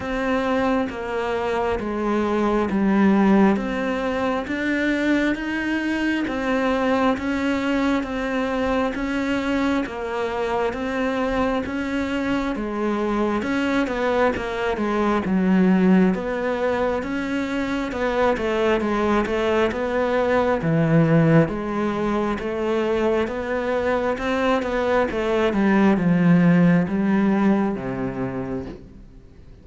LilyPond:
\new Staff \with { instrumentName = "cello" } { \time 4/4 \tempo 4 = 67 c'4 ais4 gis4 g4 | c'4 d'4 dis'4 c'4 | cis'4 c'4 cis'4 ais4 | c'4 cis'4 gis4 cis'8 b8 |
ais8 gis8 fis4 b4 cis'4 | b8 a8 gis8 a8 b4 e4 | gis4 a4 b4 c'8 b8 | a8 g8 f4 g4 c4 | }